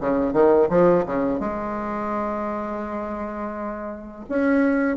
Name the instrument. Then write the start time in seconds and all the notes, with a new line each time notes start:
bassoon
0.00 C#3
0.33 D#3
0.69 F3
1.06 C#3
1.40 G#3
4.29 C#4